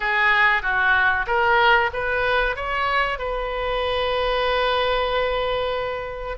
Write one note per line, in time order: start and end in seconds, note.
0.00 0.62 G#4
0.62 1.26 F#4
1.26 1.90 A#4
1.93 2.56 B4
2.56 3.18 C#5
3.18 6.37 B4